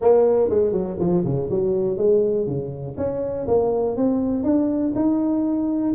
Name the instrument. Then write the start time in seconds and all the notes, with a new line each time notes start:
tuba
0.01 A#3
0.49 G#3
0.72 F#3
0.99 F3
1.24 C#3
1.50 F#3
1.97 G#3
2.47 C#3
2.97 C#4
3.47 A#3
3.96 C4
4.43 D4
4.95 D#4